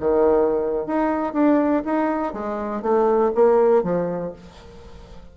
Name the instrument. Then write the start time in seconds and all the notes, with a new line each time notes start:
bassoon
0.00 D#3
0.87 D#4
1.34 D4
1.85 D#4
2.33 G#3
2.82 A3
3.35 A#3
3.83 F3